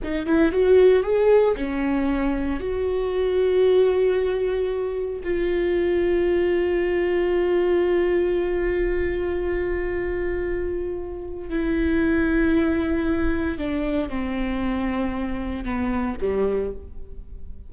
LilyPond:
\new Staff \with { instrumentName = "viola" } { \time 4/4 \tempo 4 = 115 dis'8 e'8 fis'4 gis'4 cis'4~ | cis'4 fis'2.~ | fis'2 f'2~ | f'1~ |
f'1~ | f'2 e'2~ | e'2 d'4 c'4~ | c'2 b4 g4 | }